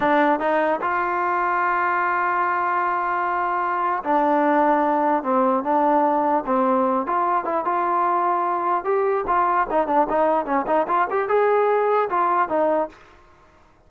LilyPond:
\new Staff \with { instrumentName = "trombone" } { \time 4/4 \tempo 4 = 149 d'4 dis'4 f'2~ | f'1~ | f'2 d'2~ | d'4 c'4 d'2 |
c'4. f'4 e'8 f'4~ | f'2 g'4 f'4 | dis'8 d'8 dis'4 cis'8 dis'8 f'8 g'8 | gis'2 f'4 dis'4 | }